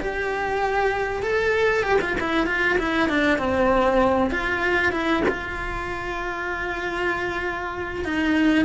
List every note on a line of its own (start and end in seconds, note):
0.00 1.22 G4
1.22 1.83 A4
1.83 1.98 G4
2.01 2.16 F4
2.20 2.47 E4
2.47 2.78 F4
2.78 3.09 E4
3.09 3.38 D4
3.38 4.30 C4
4.30 4.92 F4
4.92 5.23 E4
5.28 8.04 F4
8.04 8.65 D#4